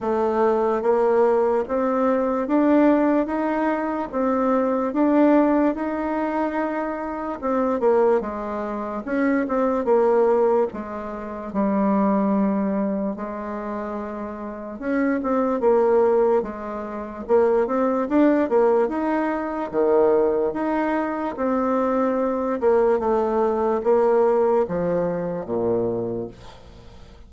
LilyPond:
\new Staff \with { instrumentName = "bassoon" } { \time 4/4 \tempo 4 = 73 a4 ais4 c'4 d'4 | dis'4 c'4 d'4 dis'4~ | dis'4 c'8 ais8 gis4 cis'8 c'8 | ais4 gis4 g2 |
gis2 cis'8 c'8 ais4 | gis4 ais8 c'8 d'8 ais8 dis'4 | dis4 dis'4 c'4. ais8 | a4 ais4 f4 ais,4 | }